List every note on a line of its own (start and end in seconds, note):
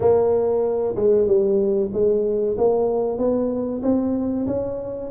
0.00 0.95 A#3
0.95 1.27 G#3
1.27 1.91 G3
1.93 2.57 G#3
2.57 3.17 A#3
3.17 3.82 B3
3.82 4.46 C4
4.47 5.10 C#4